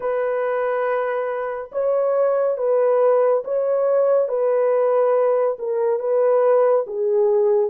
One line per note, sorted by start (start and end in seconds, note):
0.00 1.70 B4
1.72 2.57 C#5
2.57 3.43 B4
3.44 4.28 C#5
4.28 5.57 B4
5.58 5.99 A#4
5.99 6.85 B4
6.86 7.70 G#4